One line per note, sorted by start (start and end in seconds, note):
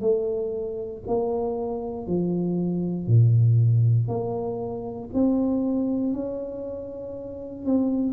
0.00 1.02 A3
1.07 2.07 A#3
2.07 3.06 F3
3.06 4.08 A#2
4.08 5.09 A#3
5.13 6.12 C4
6.12 7.65 C#4
7.65 8.13 C4